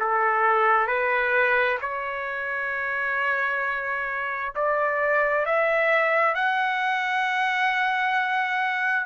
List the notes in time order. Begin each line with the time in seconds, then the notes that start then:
0.00 A4
0.88 B4
1.81 C#5
4.55 D5
5.46 E5
6.35 F#5